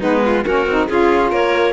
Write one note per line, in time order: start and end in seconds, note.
0.00 0.45 G#3
0.00 0.44 B3
0.00 0.22 D#4
0.00 0.45 B4
0.25 0.44 F4
0.44 0.66 A#3
0.44 0.67 C#4
0.44 0.88 F#4
0.44 0.87 A#4
0.66 0.88 C4
0.66 0.90 D#4
0.87 1.32 C#4
0.87 1.73 F4
0.87 1.30 F4
0.87 1.31 G#4
1.30 1.73 A#3
1.30 1.73 A#4
1.30 1.73 C#5